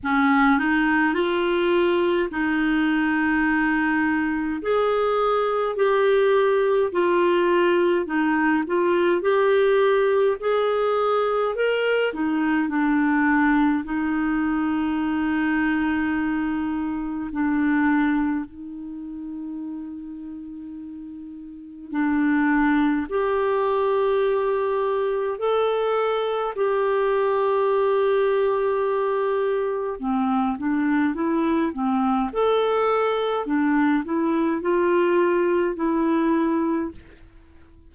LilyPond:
\new Staff \with { instrumentName = "clarinet" } { \time 4/4 \tempo 4 = 52 cis'8 dis'8 f'4 dis'2 | gis'4 g'4 f'4 dis'8 f'8 | g'4 gis'4 ais'8 dis'8 d'4 | dis'2. d'4 |
dis'2. d'4 | g'2 a'4 g'4~ | g'2 c'8 d'8 e'8 c'8 | a'4 d'8 e'8 f'4 e'4 | }